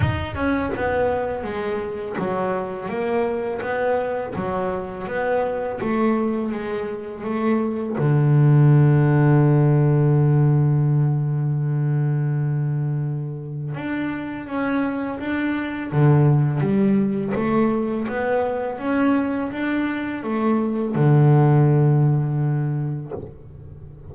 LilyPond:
\new Staff \with { instrumentName = "double bass" } { \time 4/4 \tempo 4 = 83 dis'8 cis'8 b4 gis4 fis4 | ais4 b4 fis4 b4 | a4 gis4 a4 d4~ | d1~ |
d2. d'4 | cis'4 d'4 d4 g4 | a4 b4 cis'4 d'4 | a4 d2. | }